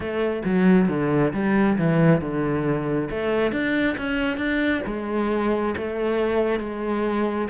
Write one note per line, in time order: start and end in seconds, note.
0.00 0.42 A3
0.45 0.88 F#3
0.88 1.32 D3
1.33 1.77 G3
1.77 2.21 E3
2.21 3.09 D3
3.10 3.52 A3
3.52 3.96 D4
3.97 4.37 C#4
4.37 4.81 D4
4.86 5.74 G#3
5.77 6.59 A3
6.59 7.48 G#3